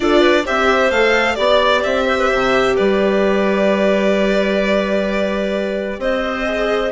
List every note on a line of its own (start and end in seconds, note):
0.00 0.46 D4
0.00 0.44 F4
0.00 0.20 A4
0.00 0.45 D5
0.20 0.43 B4
0.44 0.90 C4
0.44 0.90 G4
0.44 1.36 C5
0.44 0.91 E5
0.90 1.37 A3
0.90 1.36 A4
0.90 1.35 F5
1.35 1.84 B3
1.35 6.43 G4
1.35 1.81 D5
1.35 2.05 D5
1.83 2.31 C4
1.83 2.76 E5
2.06 2.17 C5
2.18 2.29 B4
2.29 2.78 C3
2.29 2.75 C5
2.75 5.98 G3
2.75 5.98 B4
2.75 6.00 D5
5.98 6.91 C4
5.98 6.91 C5
5.98 6.91 D#5
6.45 6.91 G#4